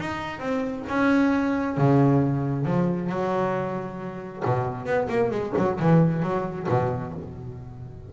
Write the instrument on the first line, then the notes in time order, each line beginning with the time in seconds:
double bass
0.00 D#4
0.40 C4
0.89 C#4
1.78 C#3
2.66 F3
3.10 F#3
4.46 B2
4.86 B3
5.09 A#3
5.31 G#3
5.58 F#3
5.81 E3
6.23 F#3
6.69 B2